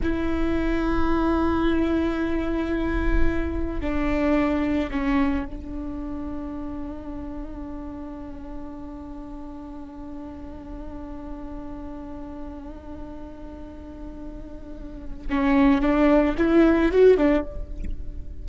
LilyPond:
\new Staff \with { instrumentName = "viola" } { \time 4/4 \tempo 4 = 110 e'1~ | e'2. d'4~ | d'4 cis'4 d'2~ | d'1~ |
d'1~ | d'1~ | d'1 | cis'4 d'4 e'4 fis'8 d'8 | }